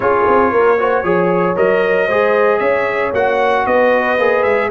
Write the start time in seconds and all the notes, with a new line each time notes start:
0.00 C#4 F4 G#4 C#5
0.27 C4
0.51 A#3 A#4
0.79 F#4 C5
1.03 F3 G#4 C#5
1.56 F#3 A#4 D#5
2.06 G#3 G#4 C5
2.58 C#4 C#5 E5
3.13 A#3 F#4 F#5
3.66 B3 B4 D#5
4.18 A#3 G#4
4.42 G#3 E5